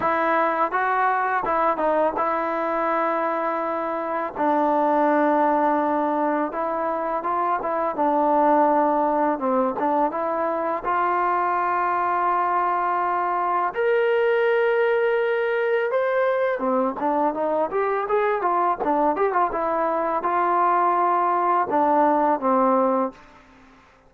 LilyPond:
\new Staff \with { instrumentName = "trombone" } { \time 4/4 \tempo 4 = 83 e'4 fis'4 e'8 dis'8 e'4~ | e'2 d'2~ | d'4 e'4 f'8 e'8 d'4~ | d'4 c'8 d'8 e'4 f'4~ |
f'2. ais'4~ | ais'2 c''4 c'8 d'8 | dis'8 g'8 gis'8 f'8 d'8 g'16 f'16 e'4 | f'2 d'4 c'4 | }